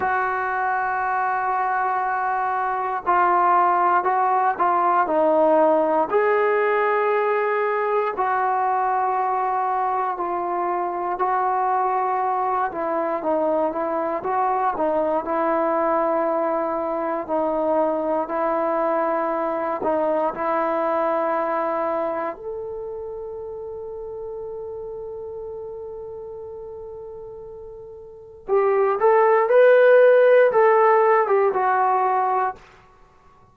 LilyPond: \new Staff \with { instrumentName = "trombone" } { \time 4/4 \tempo 4 = 59 fis'2. f'4 | fis'8 f'8 dis'4 gis'2 | fis'2 f'4 fis'4~ | fis'8 e'8 dis'8 e'8 fis'8 dis'8 e'4~ |
e'4 dis'4 e'4. dis'8 | e'2 a'2~ | a'1 | g'8 a'8 b'4 a'8. g'16 fis'4 | }